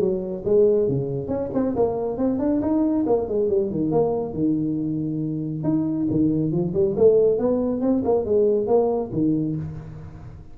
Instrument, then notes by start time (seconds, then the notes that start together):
tuba
0.00 F#3
0.45 G#3
0.88 C#3
1.28 C#4
1.54 C4
1.76 A#3
2.18 C4
2.39 D4
2.62 D#4
3.07 A#3
3.28 G#3
3.49 G3
3.71 D#3
3.92 A#3
4.34 D#3
5.64 D#4
6.10 D#3
6.52 F3
6.74 G3
6.97 A3
7.39 B3
7.81 C4
8.05 A#3
8.25 G#3
8.67 A#3
9.13 D#3